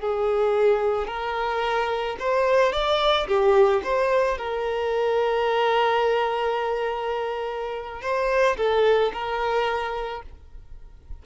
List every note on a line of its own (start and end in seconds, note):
0.00 1.07 G#4
1.07 2.16 A#4
2.19 2.72 C5
2.72 3.27 D5
3.27 3.82 G4
3.84 4.38 C5
4.38 8.02 A#4
8.02 8.56 C5
8.57 9.12 A4
9.13 10.22 A#4